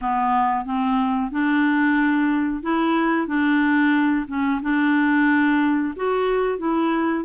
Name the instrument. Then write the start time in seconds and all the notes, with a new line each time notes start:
clarinet
0.01 B3
0.65 C4
1.31 D4
2.62 E4
3.27 D4
4.27 C#4
4.62 D4
5.96 F#4
6.58 E4